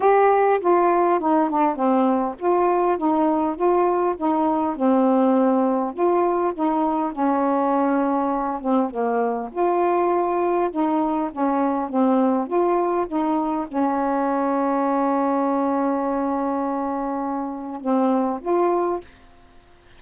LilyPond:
\new Staff \with { instrumentName = "saxophone" } { \time 4/4 \tempo 4 = 101 g'4 f'4 dis'8 d'8 c'4 | f'4 dis'4 f'4 dis'4 | c'2 f'4 dis'4 | cis'2~ cis'8 c'8 ais4 |
f'2 dis'4 cis'4 | c'4 f'4 dis'4 cis'4~ | cis'1~ | cis'2 c'4 f'4 | }